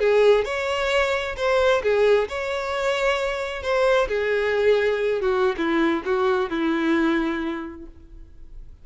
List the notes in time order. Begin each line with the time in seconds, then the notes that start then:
0.00 G#4
0.45 C#5
1.37 C5
1.83 G#4
2.29 C#5
3.63 C5
4.08 G#4
5.22 F#4
5.58 E4
6.05 F#4
6.50 E4